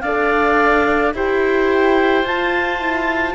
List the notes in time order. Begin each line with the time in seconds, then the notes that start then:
0.00 D4 A4 D5 F5
1.14 E4 G4 C5 G5
2.23 F4 A5
2.78 E4